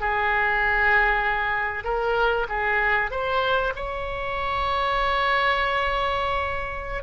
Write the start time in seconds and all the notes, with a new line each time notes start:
0.00 G#4
1.84 A#4
2.49 G#4
3.11 C5
3.75 C#5